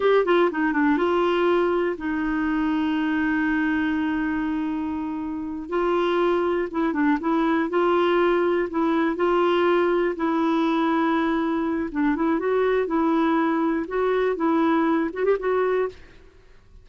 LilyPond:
\new Staff \with { instrumentName = "clarinet" } { \time 4/4 \tempo 4 = 121 g'8 f'8 dis'8 d'8 f'2 | dis'1~ | dis'2.~ dis'8 f'8~ | f'4. e'8 d'8 e'4 f'8~ |
f'4. e'4 f'4.~ | f'8 e'2.~ e'8 | d'8 e'8 fis'4 e'2 | fis'4 e'4. fis'16 g'16 fis'4 | }